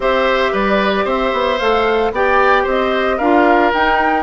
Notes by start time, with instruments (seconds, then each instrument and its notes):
0.00 bassoon C4, clarinet G4, oboe C5, flute E5
0.52 bassoon G3, oboe B4, flute D5
1.05 bassoon C4, oboe C5, flute E5
1.32 bassoon B3
1.58 bassoon A3, clarinet A4, flute F5
2.11 bassoon B3, clarinet G4, oboe D5, flute G5
2.63 bassoon C4, oboe C5, flute D#5
3.17 bassoon D4, clarinet F4, oboe A#4, flute F5
3.73 bassoon D#4, clarinet D#4, flute G5